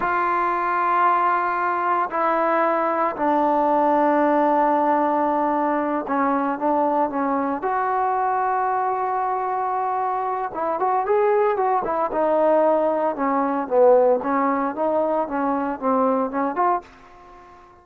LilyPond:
\new Staff \with { instrumentName = "trombone" } { \time 4/4 \tempo 4 = 114 f'1 | e'2 d'2~ | d'2.~ d'8 cis'8~ | cis'8 d'4 cis'4 fis'4.~ |
fis'1 | e'8 fis'8 gis'4 fis'8 e'8 dis'4~ | dis'4 cis'4 b4 cis'4 | dis'4 cis'4 c'4 cis'8 f'8 | }